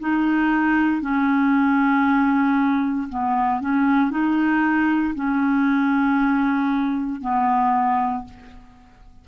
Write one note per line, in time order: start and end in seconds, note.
0.00 1.02 D#4
1.02 3.08 C#4
3.09 3.61 B3
3.61 4.11 C#4
4.11 5.14 D#4
5.15 7.21 C#4
7.21 8.24 B3